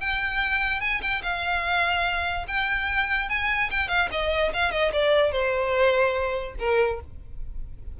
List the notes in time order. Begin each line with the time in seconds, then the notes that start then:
0.00 G5
0.81 G#5
1.01 G5
1.22 F5
2.48 G5
3.29 G#5
3.70 G5
3.88 F5
4.11 D#5
4.53 F5
4.71 D#5
4.93 D5
5.32 C5
6.59 A#4